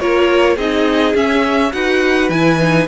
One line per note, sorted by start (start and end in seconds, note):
0.00 0.57 A#3
0.00 0.58 F4
0.00 0.56 A#4
0.00 0.58 C#5
0.56 1.15 C4
0.56 1.15 D#4
0.56 1.71 G#4
0.56 1.16 D#5
1.15 1.72 C#4
1.15 1.73 C#4
1.15 1.73 E5
1.73 2.30 D#4
1.73 2.31 F#4
1.73 2.88 B4
1.73 2.30 F#5
2.30 2.87 E3
2.30 2.60 E4
2.30 2.88 G#5
2.60 2.88 D#4